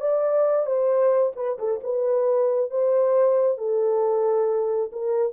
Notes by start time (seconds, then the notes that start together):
0.00 D5
0.66 C5
1.36 B4
1.58 A4
1.83 B4
2.70 C5
3.58 A4
4.92 A#4